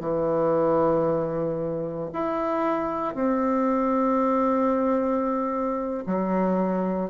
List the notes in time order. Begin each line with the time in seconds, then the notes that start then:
0.00 E3
2.13 E4
3.15 C4
6.07 F#3